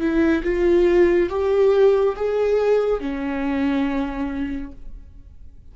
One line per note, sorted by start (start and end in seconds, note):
0.00 0.43 E4
0.44 1.30 F4
1.30 2.15 G4
2.16 3.01 G#4
3.01 4.72 C#4